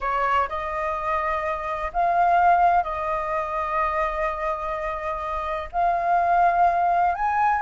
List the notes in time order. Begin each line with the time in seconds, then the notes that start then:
0.00 C#5
0.48 D#5
1.93 F5
2.83 D#5
5.71 F5
7.15 G#5